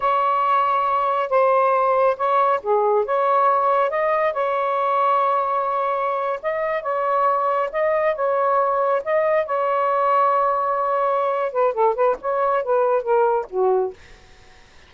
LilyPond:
\new Staff \with { instrumentName = "saxophone" } { \time 4/4 \tempo 4 = 138 cis''2. c''4~ | c''4 cis''4 gis'4 cis''4~ | cis''4 dis''4 cis''2~ | cis''2~ cis''8. dis''4 cis''16~ |
cis''4.~ cis''16 dis''4 cis''4~ cis''16~ | cis''8. dis''4 cis''2~ cis''16~ | cis''2~ cis''8 b'8 a'8 b'8 | cis''4 b'4 ais'4 fis'4 | }